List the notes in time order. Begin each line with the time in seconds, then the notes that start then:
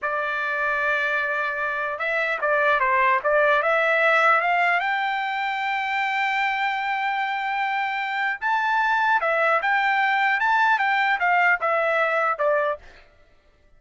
0.02 D5
1.98 E5
2.41 D5
2.79 C5
3.23 D5
3.62 E5
4.40 F5
4.79 G5
8.41 A5
9.20 E5
9.61 G5
10.40 A5
10.78 G5
11.19 F5
11.61 E5
12.38 D5